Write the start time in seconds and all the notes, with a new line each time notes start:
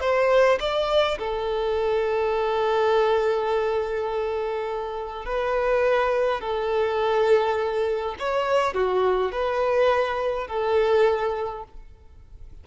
0.00 C5
0.60 D5
1.18 A4
5.25 B4
6.41 A4
8.19 C#5
8.74 F#4
9.32 B4
10.47 A4